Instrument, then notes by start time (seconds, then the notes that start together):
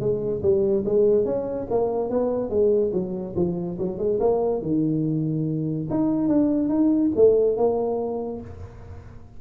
tuba
0.00 G#3
0.42 G3
0.86 G#3
1.25 C#4
1.71 A#3
2.10 B3
2.50 G#3
2.93 F#3
3.36 F3
3.79 F#3
3.99 G#3
4.21 A#3
4.62 D#3
5.90 D#4
6.28 D4
6.69 D#4
7.16 A3
7.58 A#3